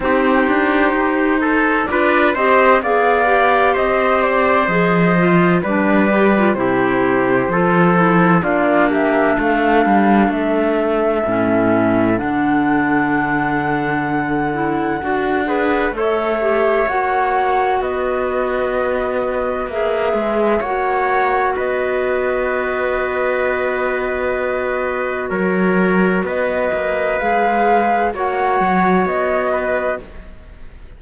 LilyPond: <<
  \new Staff \with { instrumentName = "flute" } { \time 4/4 \tempo 4 = 64 c''2 d''8 dis''8 f''4 | dis''8 d''8 dis''4 d''4 c''4~ | c''4 d''8 e''8 f''4 e''4~ | e''4 fis''2.~ |
fis''4 e''4 fis''4 dis''4~ | dis''4 e''4 fis''4 dis''4~ | dis''2. cis''4 | dis''4 f''4 fis''4 dis''4 | }
  \new Staff \with { instrumentName = "trumpet" } { \time 4/4 g'4. a'8 b'8 c''8 d''4 | c''2 b'4 g'4 | a'4 f'8 g'8 a'2~ | a'1~ |
a'8 b'8 cis''2 b'4~ | b'2 cis''4 b'4~ | b'2. ais'4 | b'2 cis''4. b'8 | }
  \new Staff \with { instrumentName = "clarinet" } { \time 4/4 dis'2 f'8 g'8 gis'8 g'8~ | g'4 gis'8 f'8 d'8 g'16 f'16 e'4 | f'8 e'8 d'2. | cis'4 d'2~ d'8 e'8 |
fis'8 gis'8 a'8 g'8 fis'2~ | fis'4 gis'4 fis'2~ | fis'1~ | fis'4 gis'4 fis'2 | }
  \new Staff \with { instrumentName = "cello" } { \time 4/4 c'8 d'8 dis'4 d'8 c'8 b4 | c'4 f4 g4 c4 | f4 ais4 a8 g8 a4 | a,4 d2. |
d'4 a4 ais4 b4~ | b4 ais8 gis8 ais4 b4~ | b2. fis4 | b8 ais8 gis4 ais8 fis8 b4 | }
>>